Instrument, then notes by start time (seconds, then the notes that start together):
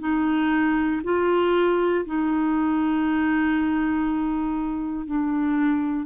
clarinet
0.00 D#4
1.04 F4
2.06 D#4
5.06 D4